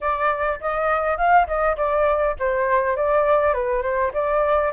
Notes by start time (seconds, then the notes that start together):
0.00 D5
0.60 D#5
1.17 F5
1.47 D#5
1.76 D5
2.39 C5
2.96 D5
3.53 B4
3.82 C5
4.13 D5